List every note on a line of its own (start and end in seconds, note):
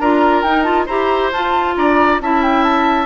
0.00 0.43 D4
0.00 0.46 F4
0.00 0.86 A#4
0.00 0.43 A#5
0.43 0.87 D#4
0.43 0.64 D#4
0.43 0.63 G5
0.63 0.86 F4
0.63 0.85 A5
0.86 1.32 E4
0.86 1.33 G4
0.86 1.74 C5
0.86 1.31 A#5
1.32 1.76 F4
1.32 2.22 F4
1.32 1.76 A5
1.76 2.20 D4
1.76 2.22 D5
1.76 2.21 A#5
2.20 3.06 C#4
2.20 3.06 E4
2.20 3.06 E5
2.20 2.43 A5
2.43 2.64 G5
2.64 3.06 A5